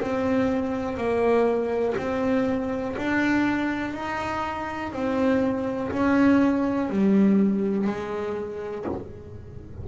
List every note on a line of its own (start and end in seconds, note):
0.00 0.97 C4
0.97 1.95 A#3
1.97 2.96 C4
2.97 3.94 D4
3.94 4.92 D#4
4.92 5.91 C4
5.91 6.89 C#4
6.89 7.87 G3
7.87 8.85 G#3